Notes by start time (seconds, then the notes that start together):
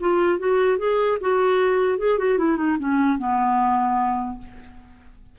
0.00 F4
0.39 F#4
0.78 G#4
1.21 F#4
1.99 G#4
2.18 F#4
2.38 E4
2.57 D#4
2.79 C#4
3.18 B3